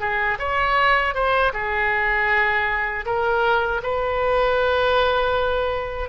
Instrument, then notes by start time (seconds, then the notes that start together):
oboe
0.00 G#4
0.38 C#5
1.14 C5
1.53 G#4
3.05 A#4
3.83 B4